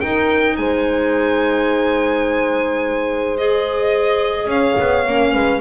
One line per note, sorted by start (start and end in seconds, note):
0.00 0.58 D#4
0.00 3.38 D#4
0.00 0.56 A#4
0.00 0.56 G5
0.57 4.46 G#3
0.57 4.49 C5
0.57 3.37 G#5
3.37 5.06 G#4
3.37 4.49 D#5
4.46 4.74 C#4
4.46 5.33 C#5
4.46 5.61 F5
4.80 5.07 B3
5.07 5.35 A#3
5.07 5.61 C#4
5.33 5.61 G#3
5.33 5.61 B4